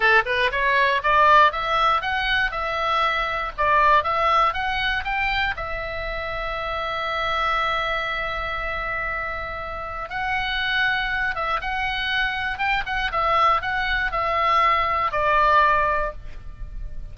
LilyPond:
\new Staff \with { instrumentName = "oboe" } { \time 4/4 \tempo 4 = 119 a'8 b'8 cis''4 d''4 e''4 | fis''4 e''2 d''4 | e''4 fis''4 g''4 e''4~ | e''1~ |
e''1 | fis''2~ fis''8 e''8 fis''4~ | fis''4 g''8 fis''8 e''4 fis''4 | e''2 d''2 | }